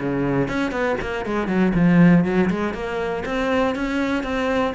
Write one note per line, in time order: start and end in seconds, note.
0.00 0.48 C#3
0.48 0.72 C#4
0.72 0.97 B3
1.01 1.26 A#3
1.26 1.48 G#3
1.48 1.73 F#3
1.75 2.25 F3
2.25 2.50 F#3
2.51 2.74 G#3
2.74 3.24 A#3
3.26 3.76 C4
3.76 4.24 C#4
4.24 4.74 C4